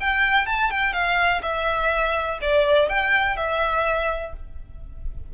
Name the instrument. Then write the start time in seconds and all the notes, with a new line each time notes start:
violin
0.00 G5
0.46 A5
0.70 G5
0.93 F5
1.42 E5
2.41 D5
2.89 G5
3.36 E5